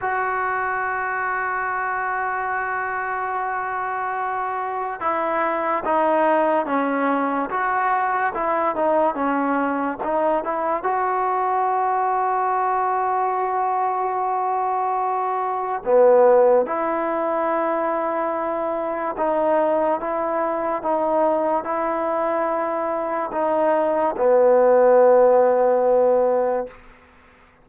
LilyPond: \new Staff \with { instrumentName = "trombone" } { \time 4/4 \tempo 4 = 72 fis'1~ | fis'2 e'4 dis'4 | cis'4 fis'4 e'8 dis'8 cis'4 | dis'8 e'8 fis'2.~ |
fis'2. b4 | e'2. dis'4 | e'4 dis'4 e'2 | dis'4 b2. | }